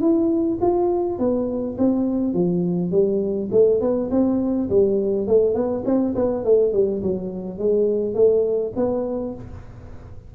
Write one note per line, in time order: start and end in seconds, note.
0.00 0.58 E4
0.61 1.18 F4
1.18 1.77 B3
1.78 2.34 C4
2.34 2.91 F3
2.91 3.49 G3
3.51 3.80 A3
3.80 4.10 B3
4.10 4.69 C4
4.69 5.27 G3
5.27 5.54 A3
5.54 5.83 B3
5.85 6.14 C4
6.15 6.44 B3
6.44 6.73 A3
6.73 7.02 G3
7.02 7.58 F#3
7.58 8.14 G#3
8.14 8.72 A3
8.76 9.34 B3